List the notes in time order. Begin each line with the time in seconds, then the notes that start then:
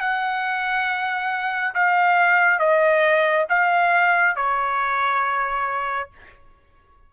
0.00 F#5
1.74 F5
2.59 D#5
3.49 F5
4.36 C#5